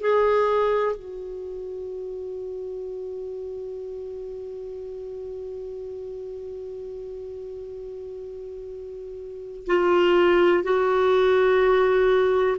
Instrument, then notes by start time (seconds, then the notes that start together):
clarinet
0.00 G#4
0.95 F#4
9.66 F4
10.63 F#4